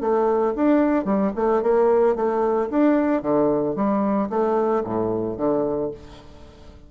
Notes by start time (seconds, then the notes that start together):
0.00 A3
0.56 D4
1.04 G3
1.35 A3
1.62 A#3
2.15 A3
2.70 D4
3.22 D3
3.75 G3
4.30 A3
4.84 A2
5.37 D3